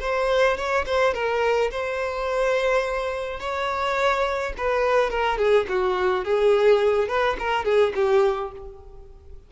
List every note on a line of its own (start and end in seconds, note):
0.00 0.56 C5
0.56 0.85 C#5
0.85 1.13 C5
1.13 1.70 A#4
1.71 3.39 C5
3.39 4.53 C#5
4.57 5.10 B4
5.10 5.37 A#4
5.37 5.66 G#4
5.68 6.24 F#4
6.24 7.08 G#4
7.08 7.36 B4
7.39 7.64 A#4
7.64 7.93 G#4
7.95 8.51 G4